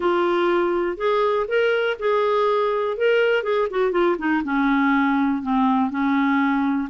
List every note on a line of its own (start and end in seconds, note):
0.00 0.97 F4
0.97 1.46 G#4
1.48 1.97 A#4
1.99 2.97 G#4
2.97 3.43 A#4
3.43 3.68 G#4
3.70 3.91 F#4
3.91 4.16 F4
4.18 4.43 D#4
4.44 5.42 C#4
5.42 5.90 C4
5.90 6.89 C#4